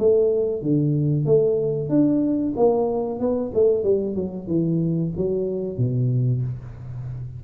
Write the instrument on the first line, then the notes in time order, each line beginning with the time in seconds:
tuba
0.00 A3
0.62 D3
1.26 A3
1.90 D4
2.57 A#3
3.20 B3
3.55 A3
3.84 G3
4.16 F#3
4.48 E3
5.18 F#3
5.78 B2